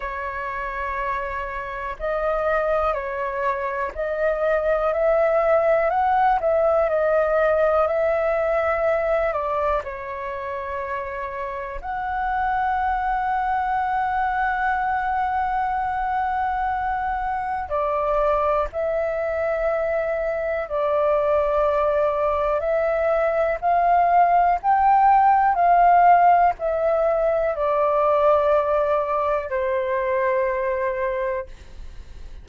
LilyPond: \new Staff \with { instrumentName = "flute" } { \time 4/4 \tempo 4 = 61 cis''2 dis''4 cis''4 | dis''4 e''4 fis''8 e''8 dis''4 | e''4. d''8 cis''2 | fis''1~ |
fis''2 d''4 e''4~ | e''4 d''2 e''4 | f''4 g''4 f''4 e''4 | d''2 c''2 | }